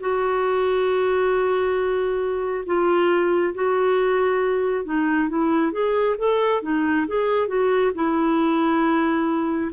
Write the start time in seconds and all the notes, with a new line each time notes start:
0.00 F#4
2.66 F4
3.55 F#4
4.85 D#4
5.29 E4
5.72 G#4
6.18 A4
6.62 D#4
7.07 G#4
7.48 F#4
7.95 E4